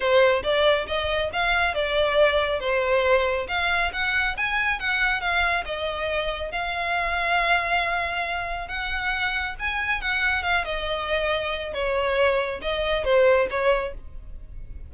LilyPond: \new Staff \with { instrumentName = "violin" } { \time 4/4 \tempo 4 = 138 c''4 d''4 dis''4 f''4 | d''2 c''2 | f''4 fis''4 gis''4 fis''4 | f''4 dis''2 f''4~ |
f''1 | fis''2 gis''4 fis''4 | f''8 dis''2~ dis''8 cis''4~ | cis''4 dis''4 c''4 cis''4 | }